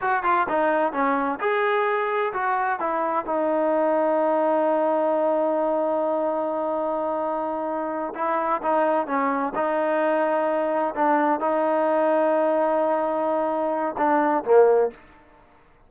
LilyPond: \new Staff \with { instrumentName = "trombone" } { \time 4/4 \tempo 4 = 129 fis'8 f'8 dis'4 cis'4 gis'4~ | gis'4 fis'4 e'4 dis'4~ | dis'1~ | dis'1~ |
dis'4. e'4 dis'4 cis'8~ | cis'8 dis'2. d'8~ | d'8 dis'2.~ dis'8~ | dis'2 d'4 ais4 | }